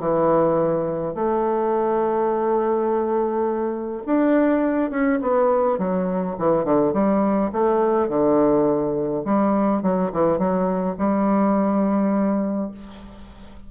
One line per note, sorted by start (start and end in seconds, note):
0.00 1.15 E3
1.15 4.04 A3
4.06 4.90 D4
4.90 5.19 C#4
5.22 5.78 B3
5.78 6.36 F#3
6.39 6.65 E3
6.65 6.93 D3
6.94 7.51 G3
7.53 8.09 A3
8.09 9.24 D3
9.25 9.83 G3
9.83 10.11 F#3
10.13 10.38 E3
10.38 10.96 F#3
10.98 12.71 G3